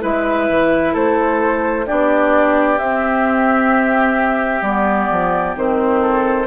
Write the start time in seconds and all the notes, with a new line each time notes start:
0.00 G#3 E4 B4 E5
0.49 E3
0.93 A3 A4 C5
1.86 B3 D4 G4 D5
2.78 C4 E5
4.61 G3 B3 D5
5.11 F3
5.55 D#3 C4 C5
6.01 A4